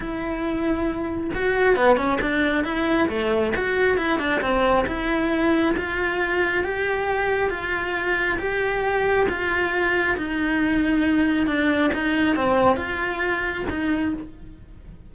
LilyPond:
\new Staff \with { instrumentName = "cello" } { \time 4/4 \tempo 4 = 136 e'2. fis'4 | b8 cis'8 d'4 e'4 a4 | fis'4 e'8 d'8 c'4 e'4~ | e'4 f'2 g'4~ |
g'4 f'2 g'4~ | g'4 f'2 dis'4~ | dis'2 d'4 dis'4 | c'4 f'2 dis'4 | }